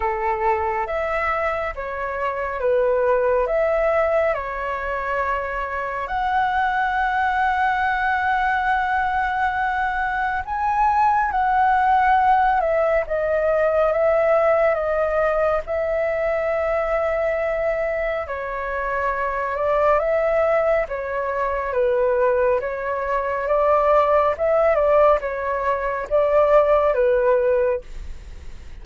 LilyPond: \new Staff \with { instrumentName = "flute" } { \time 4/4 \tempo 4 = 69 a'4 e''4 cis''4 b'4 | e''4 cis''2 fis''4~ | fis''1 | gis''4 fis''4. e''8 dis''4 |
e''4 dis''4 e''2~ | e''4 cis''4. d''8 e''4 | cis''4 b'4 cis''4 d''4 | e''8 d''8 cis''4 d''4 b'4 | }